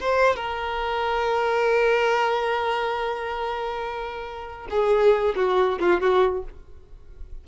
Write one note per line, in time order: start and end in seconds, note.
0.00 0.36 C5
0.36 4.67 A#4
4.70 5.34 G#4
5.35 5.79 F#4
5.79 6.00 F4
6.00 6.43 F#4